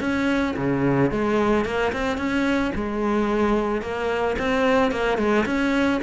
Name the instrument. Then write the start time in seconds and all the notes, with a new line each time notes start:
cello
0.00 C#4
0.56 C#3
1.11 G#3
1.65 A#3
1.92 C4
2.17 C#4
2.75 G#3
3.82 A#3
4.38 C4
4.91 A#3
5.17 G#3
5.45 C#4